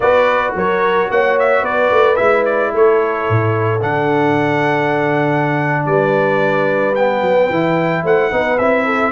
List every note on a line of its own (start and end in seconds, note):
0.00 0.53 B3
0.00 2.16 F#4
0.00 0.56 B4
0.00 0.54 D5
0.55 1.09 F#3
0.55 1.11 A#4
0.55 1.11 C#5
1.10 1.62 A#3
1.10 1.62 C#5
1.10 1.38 F#5
1.39 1.64 E5
1.62 1.89 B3
1.62 2.71 B4
1.62 2.16 D5
1.91 2.18 A3
2.16 2.73 G#3
2.16 3.79 E4
2.16 2.43 E5
2.45 2.72 D5
2.73 3.28 A3
2.73 5.87 A4
2.73 3.82 C#5
3.29 3.82 A2
3.81 5.85 D3
3.81 6.94 D4
3.81 5.85 F#5
5.85 7.21 G3
5.85 8.03 B4
5.85 6.95 D5
6.95 7.51 B3
6.95 8.04 G5
7.21 7.48 F#3
7.49 8.04 E3
7.49 8.31 E4
8.03 8.31 A3
8.03 8.30 C5
8.03 8.57 F#5
8.31 8.58 B3
8.31 8.58 D#4
8.31 8.85 B4
8.57 9.12 C4
8.57 9.12 E4
8.57 9.12 E5
8.85 9.12 A4